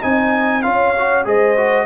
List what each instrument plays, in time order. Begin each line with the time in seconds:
0.00 tuba C4, trombone D#4, horn D#5, trumpet G#5
0.62 tuba C#4, trombone F4, horn C#5, trumpet F5
0.98 trombone F#4
1.24 tuba G#3, trombone G#4, horn C5, trumpet D#5
1.56 trombone F#4